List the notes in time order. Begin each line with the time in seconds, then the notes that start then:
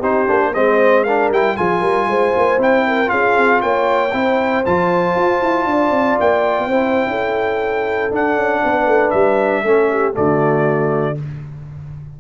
0.00 C4 D#4 G4 C5
0.27 A#3 D4
0.54 G#3 C4 C5 D#5
1.04 D4 A#4 F5
1.31 G3 E4 G5
1.57 F3 F4 G#4 G#5
1.80 G3 A#4
2.07 G#3 C5
2.37 A#3
2.58 C4 E4 G5
2.87 A#4
3.07 C#4 F4 G#4 F5
3.37 C4
3.62 A#3 C#5 G5
4.13 C4 E4 C5
4.65 F3 F4 A5
5.15 F4
5.42 E4
5.65 D4 D5
5.91 C4
6.20 A#3 G5
6.59 B3
6.67 C4 E4 C5
7.07 C#4 A4
8.11 D4 F#5
8.35 C#4
8.64 B3 B4
8.86 A3
9.10 G3 E5
9.63 A3 C#4 A4
9.90 G4
10.13 D3 A3 F#4 D5